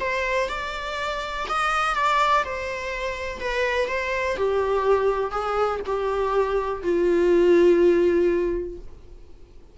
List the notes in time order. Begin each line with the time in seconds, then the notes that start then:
0.00 C5
0.49 D5
1.49 D#5
1.95 D5
2.44 C5
3.40 B4
3.88 C5
4.36 G4
5.31 G#4
5.86 G4
6.83 F4